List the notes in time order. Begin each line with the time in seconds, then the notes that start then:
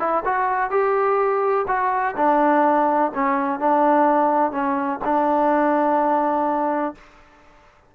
0.00 E4
0.25 F#4
0.71 G4
1.68 F#4
2.17 D4
3.15 C#4
3.60 D4
4.52 C#4
5.05 D4